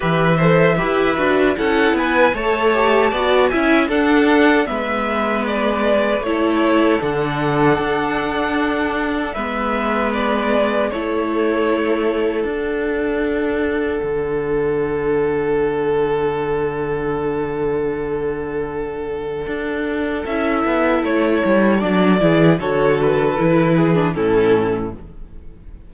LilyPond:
<<
  \new Staff \with { instrumentName = "violin" } { \time 4/4 \tempo 4 = 77 e''2 fis''8 gis''8 a''4~ | a''8 gis''8 fis''4 e''4 d''4 | cis''4 fis''2. | e''4 d''4 cis''2 |
fis''1~ | fis''1~ | fis''2 e''4 cis''4 | d''4 cis''8 b'4. a'4 | }
  \new Staff \with { instrumentName = "violin" } { \time 4/4 b'8 c''8 b'4 a'8 b'8 cis''4 | d''8 e''8 a'4 b'2 | a'1 | b'2 a'2~ |
a'1~ | a'1~ | a'1~ | a'8 gis'8 a'4. gis'8 e'4 | }
  \new Staff \with { instrumentName = "viola" } { \time 4/4 g'8 a'8 g'8 fis'8 e'4 a'8 g'8 | fis'8 e'8 d'4 b2 | e'4 d'2. | b2 e'2 |
d'1~ | d'1~ | d'2 e'2 | d'8 e'8 fis'4 e'8. d'16 cis'4 | }
  \new Staff \with { instrumentName = "cello" } { \time 4/4 e4 e'8 d'8 cis'8 b8 a4 | b8 cis'8 d'4 gis2 | a4 d4 d'2 | gis2 a2 |
d'2 d2~ | d1~ | d4 d'4 cis'8 b8 a8 g8 | fis8 e8 d4 e4 a,4 | }
>>